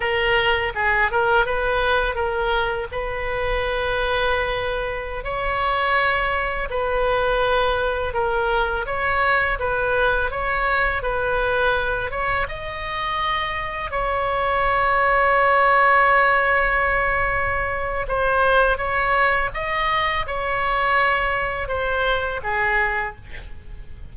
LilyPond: \new Staff \with { instrumentName = "oboe" } { \time 4/4 \tempo 4 = 83 ais'4 gis'8 ais'8 b'4 ais'4 | b'2.~ b'16 cis''8.~ | cis''4~ cis''16 b'2 ais'8.~ | ais'16 cis''4 b'4 cis''4 b'8.~ |
b'8. cis''8 dis''2 cis''8.~ | cis''1~ | cis''4 c''4 cis''4 dis''4 | cis''2 c''4 gis'4 | }